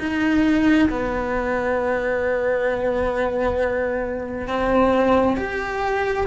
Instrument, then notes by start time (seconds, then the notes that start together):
cello
0.00 D#4
0.90 B3
4.48 C4
5.37 G4